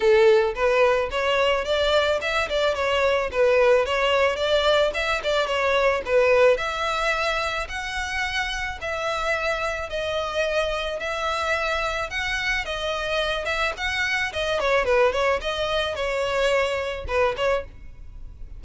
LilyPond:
\new Staff \with { instrumentName = "violin" } { \time 4/4 \tempo 4 = 109 a'4 b'4 cis''4 d''4 | e''8 d''8 cis''4 b'4 cis''4 | d''4 e''8 d''8 cis''4 b'4 | e''2 fis''2 |
e''2 dis''2 | e''2 fis''4 dis''4~ | dis''8 e''8 fis''4 dis''8 cis''8 b'8 cis''8 | dis''4 cis''2 b'8 cis''8 | }